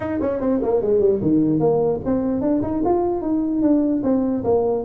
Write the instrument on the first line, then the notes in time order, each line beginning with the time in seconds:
tuba
0.00 D#4
0.21 C#4
0.40 C4
0.62 A#3
0.81 G#3
0.99 G3
1.21 D#3
1.59 A#3
2.05 C4
2.41 D4
2.62 D#4
2.84 F4
3.21 D#4
3.62 D4
4.03 C4
4.44 A#3